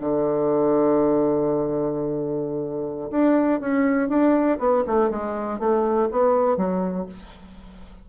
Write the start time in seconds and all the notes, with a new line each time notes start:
0.00 D3
3.11 D4
3.60 C#4
4.08 D4
4.59 B3
4.87 A3
5.10 G#3
5.59 A3
6.11 B3
6.56 F#3